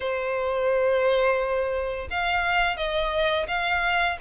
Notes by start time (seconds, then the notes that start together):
0.00 C5
2.10 F5
2.77 D#5
3.47 F5